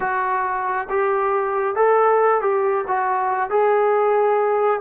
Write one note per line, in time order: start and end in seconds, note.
0.00 0.88 F#4
0.89 1.75 G4
1.75 2.41 A4
2.41 2.84 G4
2.87 3.49 F#4
3.49 4.81 G#4